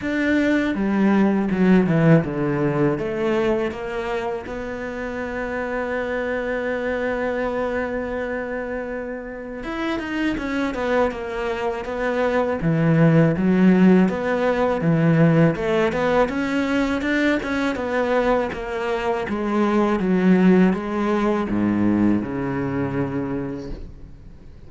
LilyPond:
\new Staff \with { instrumentName = "cello" } { \time 4/4 \tempo 4 = 81 d'4 g4 fis8 e8 d4 | a4 ais4 b2~ | b1~ | b4 e'8 dis'8 cis'8 b8 ais4 |
b4 e4 fis4 b4 | e4 a8 b8 cis'4 d'8 cis'8 | b4 ais4 gis4 fis4 | gis4 gis,4 cis2 | }